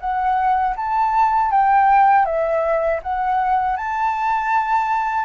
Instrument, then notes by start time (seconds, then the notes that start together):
flute
0.00 F#5
0.76 A5
1.51 G5
2.25 E5
3.02 F#5
3.76 A5